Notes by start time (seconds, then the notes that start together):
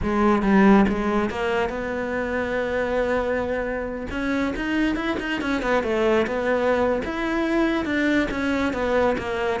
0.02 G#3
0.42 G3
0.88 G#3
1.29 A#3
1.69 B3
4.10 C#4
4.56 D#4
4.95 E4
5.19 D#4
5.41 C#4
5.62 B3
5.83 A3
6.26 B3
7.04 E4
7.85 D4
8.30 C#4
8.73 B3
9.18 A#3